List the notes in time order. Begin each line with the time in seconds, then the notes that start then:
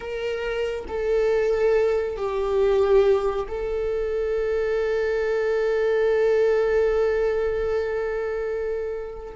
0.00 A#4
0.87 A4
2.16 G4
3.47 A4